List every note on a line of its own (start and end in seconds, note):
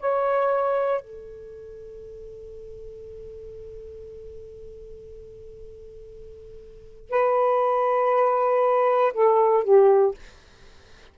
0.00 1.01 C#5
1.01 7.10 A4
7.10 9.13 B4
9.13 9.64 A4
9.64 10.15 G4